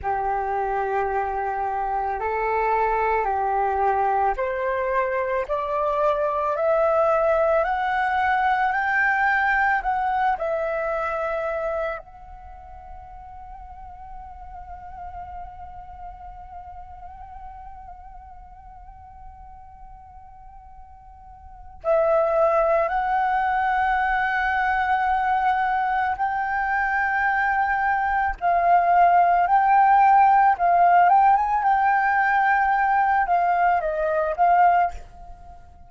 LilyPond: \new Staff \with { instrumentName = "flute" } { \time 4/4 \tempo 4 = 55 g'2 a'4 g'4 | c''4 d''4 e''4 fis''4 | g''4 fis''8 e''4. fis''4~ | fis''1~ |
fis''1 | e''4 fis''2. | g''2 f''4 g''4 | f''8 g''16 gis''16 g''4. f''8 dis''8 f''8 | }